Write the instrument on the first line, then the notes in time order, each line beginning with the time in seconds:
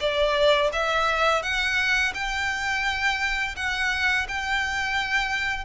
violin
0.00 D5
0.73 E5
1.43 F#5
2.14 G5
3.56 F#5
4.28 G5